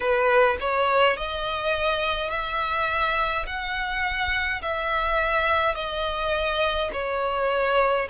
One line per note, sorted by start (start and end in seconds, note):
0.00 0.57 B4
0.60 1.16 C#5
1.16 2.30 D#5
2.30 3.45 E5
3.46 4.62 F#5
4.62 5.74 E5
5.74 6.90 D#5
6.92 8.08 C#5